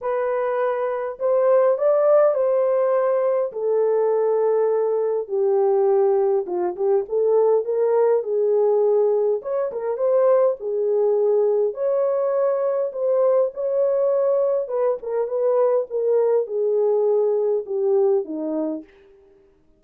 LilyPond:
\new Staff \with { instrumentName = "horn" } { \time 4/4 \tempo 4 = 102 b'2 c''4 d''4 | c''2 a'2~ | a'4 g'2 f'8 g'8 | a'4 ais'4 gis'2 |
cis''8 ais'8 c''4 gis'2 | cis''2 c''4 cis''4~ | cis''4 b'8 ais'8 b'4 ais'4 | gis'2 g'4 dis'4 | }